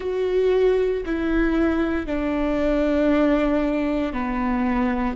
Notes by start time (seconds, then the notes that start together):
0.00 F#4
1.05 E4
2.06 D4
4.12 B3